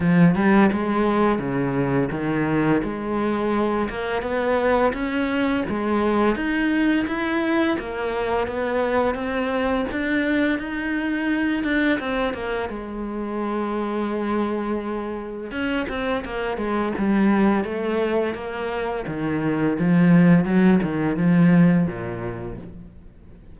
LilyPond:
\new Staff \with { instrumentName = "cello" } { \time 4/4 \tempo 4 = 85 f8 g8 gis4 cis4 dis4 | gis4. ais8 b4 cis'4 | gis4 dis'4 e'4 ais4 | b4 c'4 d'4 dis'4~ |
dis'8 d'8 c'8 ais8 gis2~ | gis2 cis'8 c'8 ais8 gis8 | g4 a4 ais4 dis4 | f4 fis8 dis8 f4 ais,4 | }